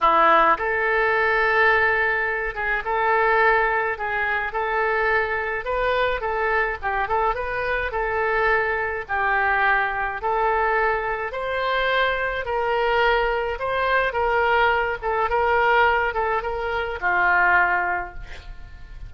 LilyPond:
\new Staff \with { instrumentName = "oboe" } { \time 4/4 \tempo 4 = 106 e'4 a'2.~ | a'8 gis'8 a'2 gis'4 | a'2 b'4 a'4 | g'8 a'8 b'4 a'2 |
g'2 a'2 | c''2 ais'2 | c''4 ais'4. a'8 ais'4~ | ais'8 a'8 ais'4 f'2 | }